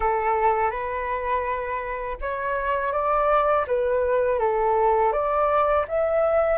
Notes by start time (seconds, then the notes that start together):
0.00 A4
0.71 B4
2.21 C#5
2.92 D5
3.67 B4
4.39 A4
5.12 D5
5.88 E5